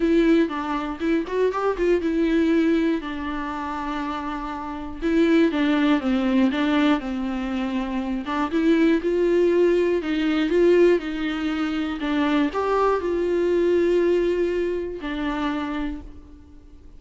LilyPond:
\new Staff \with { instrumentName = "viola" } { \time 4/4 \tempo 4 = 120 e'4 d'4 e'8 fis'8 g'8 f'8 | e'2 d'2~ | d'2 e'4 d'4 | c'4 d'4 c'2~ |
c'8 d'8 e'4 f'2 | dis'4 f'4 dis'2 | d'4 g'4 f'2~ | f'2 d'2 | }